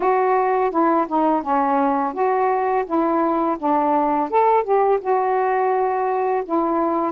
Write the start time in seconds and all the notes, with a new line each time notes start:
0.00 F#4
0.70 E4
1.07 D#4
1.42 C#4
2.13 F#4
2.85 E4
3.58 D4
4.30 A4
4.63 G4
5.00 F#4
6.45 E4